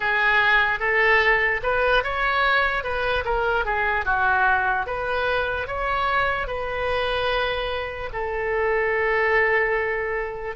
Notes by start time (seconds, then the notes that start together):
0.00 G#4
0.79 A4
1.63 B4
2.03 C#5
2.83 B4
3.24 A#4
3.65 G#4
4.05 F#4
4.86 B4
5.67 C#5
6.47 B4
8.13 A4